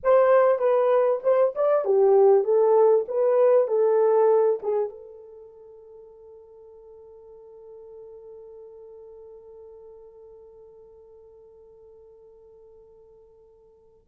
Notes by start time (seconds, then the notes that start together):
0.03 C5
0.58 B4
1.23 C5
1.55 D5
1.84 G4
2.44 A4
3.08 B4
3.67 A4
4.62 G#4
4.89 A4